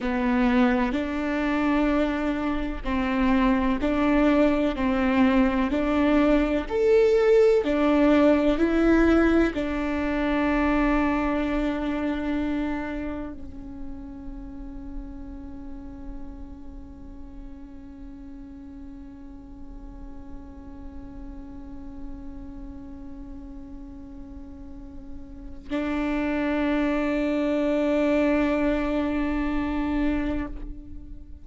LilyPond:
\new Staff \with { instrumentName = "viola" } { \time 4/4 \tempo 4 = 63 b4 d'2 c'4 | d'4 c'4 d'4 a'4 | d'4 e'4 d'2~ | d'2 cis'2~ |
cis'1~ | cis'1~ | cis'2. d'4~ | d'1 | }